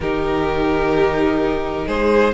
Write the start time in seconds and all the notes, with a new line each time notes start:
0.00 D#3 D#4 G4 A#4
1.87 G#3 G#4 C5